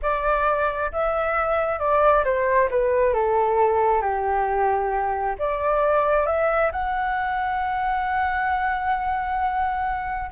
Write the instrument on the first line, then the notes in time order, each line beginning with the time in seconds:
flute
0.01 D5
0.92 E5
1.79 D5
2.24 C5
2.70 B4
3.13 A4
4.01 G4
5.38 D5
6.26 E5
6.72 F#5